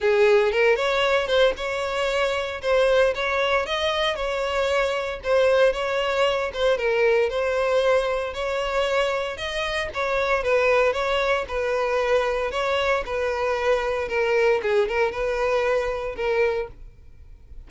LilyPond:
\new Staff \with { instrumentName = "violin" } { \time 4/4 \tempo 4 = 115 gis'4 ais'8 cis''4 c''8 cis''4~ | cis''4 c''4 cis''4 dis''4 | cis''2 c''4 cis''4~ | cis''8 c''8 ais'4 c''2 |
cis''2 dis''4 cis''4 | b'4 cis''4 b'2 | cis''4 b'2 ais'4 | gis'8 ais'8 b'2 ais'4 | }